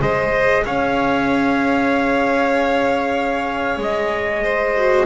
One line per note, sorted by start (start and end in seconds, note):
0.00 0.64 G#3
0.00 4.74 G#4
0.00 0.64 C5
0.00 0.64 D#5
0.65 3.77 C#4
0.65 4.43 C#5
0.65 3.81 F5
3.77 5.04 G#3
3.77 5.06 D#5
4.43 5.06 C5
4.76 5.06 F#4